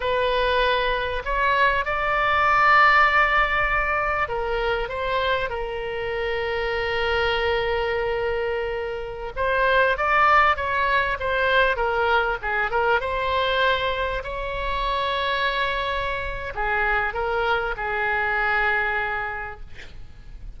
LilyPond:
\new Staff \with { instrumentName = "oboe" } { \time 4/4 \tempo 4 = 98 b'2 cis''4 d''4~ | d''2. ais'4 | c''4 ais'2.~ | ais'2.~ ais'16 c''8.~ |
c''16 d''4 cis''4 c''4 ais'8.~ | ais'16 gis'8 ais'8 c''2 cis''8.~ | cis''2. gis'4 | ais'4 gis'2. | }